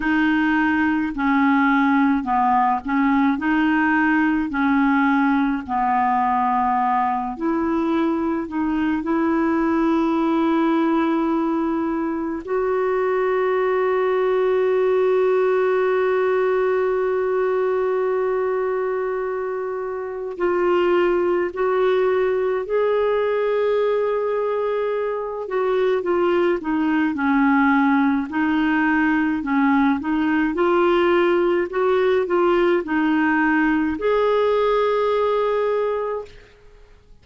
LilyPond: \new Staff \with { instrumentName = "clarinet" } { \time 4/4 \tempo 4 = 53 dis'4 cis'4 b8 cis'8 dis'4 | cis'4 b4. e'4 dis'8 | e'2. fis'4~ | fis'1~ |
fis'2 f'4 fis'4 | gis'2~ gis'8 fis'8 f'8 dis'8 | cis'4 dis'4 cis'8 dis'8 f'4 | fis'8 f'8 dis'4 gis'2 | }